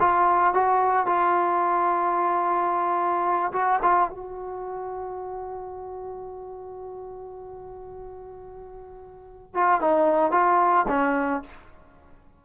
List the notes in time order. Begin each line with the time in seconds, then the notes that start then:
0.00 F4
0.54 F#4
1.07 F4
3.53 F#4
3.83 F4
4.10 F#4
9.55 F4
9.81 D#4
10.32 F4
10.88 C#4